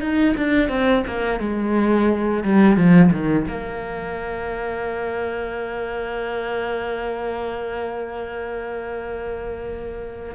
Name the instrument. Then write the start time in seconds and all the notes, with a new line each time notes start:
cello
0.00 D#4
0.37 D4
0.69 C4
1.07 A#3
1.39 G#3
2.43 G3
2.76 F3
3.12 D#3
3.47 A#3